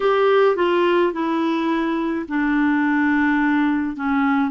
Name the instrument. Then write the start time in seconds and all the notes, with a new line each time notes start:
clarinet
0.00 G4
0.56 F4
1.12 E4
2.28 D4
3.96 C#4